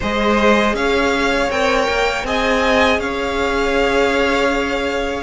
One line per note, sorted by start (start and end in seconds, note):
0.00 0.73 G#3
0.00 1.50 G#4
0.00 0.75 C5
0.00 0.75 D#5
0.73 1.48 C#4
0.73 2.26 C#5
0.73 1.50 F5
1.50 1.87 C4
1.50 2.25 A#4
1.50 2.25 G5
1.88 2.23 A#3
2.23 2.98 C4
2.23 5.23 G#4
2.23 3.01 D#5
2.23 3.00 G#5
2.98 5.23 C#4
2.98 5.23 C#5
2.98 5.23 F5